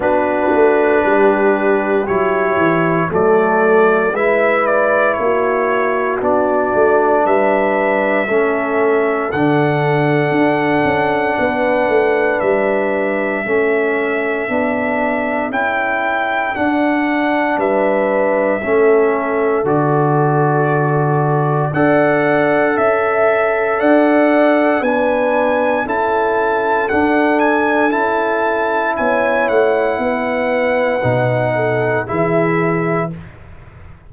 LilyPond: <<
  \new Staff \with { instrumentName = "trumpet" } { \time 4/4 \tempo 4 = 58 b'2 cis''4 d''4 | e''8 d''8 cis''4 d''4 e''4~ | e''4 fis''2. | e''2. g''4 |
fis''4 e''2 d''4~ | d''4 fis''4 e''4 fis''4 | gis''4 a''4 fis''8 gis''8 a''4 | gis''8 fis''2~ fis''8 e''4 | }
  \new Staff \with { instrumentName = "horn" } { \time 4/4 fis'4 g'2 a'4 | b'4 fis'2 b'4 | a'2. b'4~ | b'4 a'2.~ |
a'4 b'4 a'2~ | a'4 d''4 e''4 d''4 | b'4 a'2. | cis''4 b'4. a'8 gis'4 | }
  \new Staff \with { instrumentName = "trombone" } { \time 4/4 d'2 e'4 a4 | e'2 d'2 | cis'4 d'2.~ | d'4 cis'4 d'4 e'4 |
d'2 cis'4 fis'4~ | fis'4 a'2. | d'4 e'4 d'4 e'4~ | e'2 dis'4 e'4 | }
  \new Staff \with { instrumentName = "tuba" } { \time 4/4 b8 a8 g4 fis8 e8 fis4 | gis4 ais4 b8 a8 g4 | a4 d4 d'8 cis'8 b8 a8 | g4 a4 b4 cis'4 |
d'4 g4 a4 d4~ | d4 d'4 cis'4 d'4 | b4 cis'4 d'4 cis'4 | b8 a8 b4 b,4 e4 | }
>>